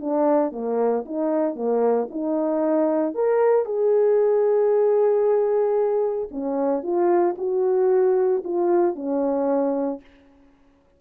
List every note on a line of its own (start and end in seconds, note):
0.00 0.51 D4
0.51 1.04 A#3
1.05 1.55 D#4
1.55 2.08 A#3
2.10 3.14 D#4
3.14 3.65 A#4
3.65 6.28 G#4
6.31 6.83 C#4
6.83 7.35 F4
7.37 8.43 F#4
8.44 8.95 F4
8.95 10.00 C#4